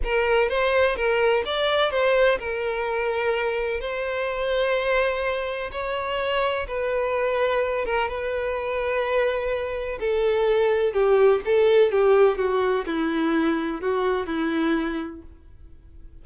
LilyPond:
\new Staff \with { instrumentName = "violin" } { \time 4/4 \tempo 4 = 126 ais'4 c''4 ais'4 d''4 | c''4 ais'2. | c''1 | cis''2 b'2~ |
b'8 ais'8 b'2.~ | b'4 a'2 g'4 | a'4 g'4 fis'4 e'4~ | e'4 fis'4 e'2 | }